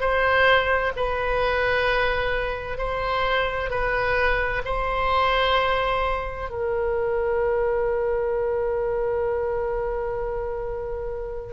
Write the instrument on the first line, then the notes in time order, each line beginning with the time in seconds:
oboe
0.00 C5
0.97 B4
2.78 C5
3.70 B4
4.65 C5
6.50 A#4